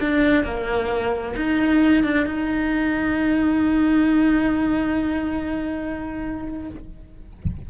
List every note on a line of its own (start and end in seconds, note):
0.00 0.44 D4
0.44 1.35 A#3
1.36 2.04 D#4
2.04 2.26 D4
2.26 6.69 D#4